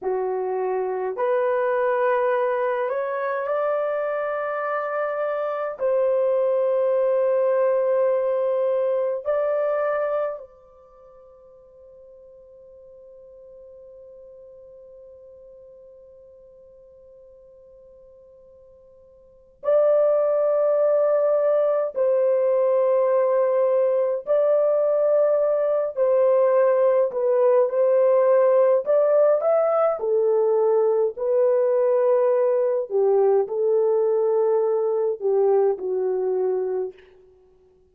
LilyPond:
\new Staff \with { instrumentName = "horn" } { \time 4/4 \tempo 4 = 52 fis'4 b'4. cis''8 d''4~ | d''4 c''2. | d''4 c''2.~ | c''1~ |
c''4 d''2 c''4~ | c''4 d''4. c''4 b'8 | c''4 d''8 e''8 a'4 b'4~ | b'8 g'8 a'4. g'8 fis'4 | }